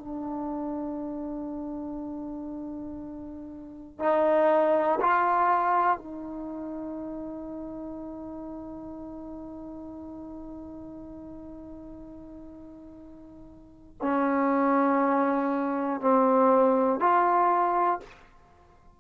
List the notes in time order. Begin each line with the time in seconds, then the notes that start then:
0.00 D4
4.00 D#4
5.01 F4
5.98 D#4
14.02 C#4
16.01 C4
17.00 F4